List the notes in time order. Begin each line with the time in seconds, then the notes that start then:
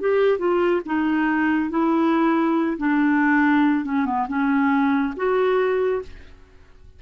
0.00 G4
0.39 F4
0.86 D#4
1.70 E4
2.78 D4
3.85 C#4
4.06 B3
4.28 C#4
5.16 F#4